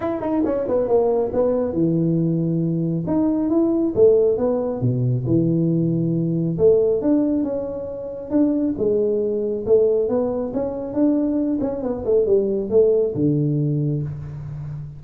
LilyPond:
\new Staff \with { instrumentName = "tuba" } { \time 4/4 \tempo 4 = 137 e'8 dis'8 cis'8 b8 ais4 b4 | e2. dis'4 | e'4 a4 b4 b,4 | e2. a4 |
d'4 cis'2 d'4 | gis2 a4 b4 | cis'4 d'4. cis'8 b8 a8 | g4 a4 d2 | }